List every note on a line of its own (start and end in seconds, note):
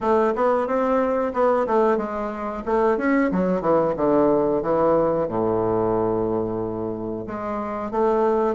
0.00 0.33 A3
0.35 0.67 B3
0.67 1.32 C4
1.33 1.66 B3
1.66 1.97 A3
1.97 2.63 G#3
2.65 2.97 A3
2.97 3.30 C#4
3.31 3.61 F#3
3.61 3.94 E3
3.96 4.62 D3
4.62 5.28 E3
5.28 7.26 A2
7.26 7.91 G#3
7.91 8.55 A3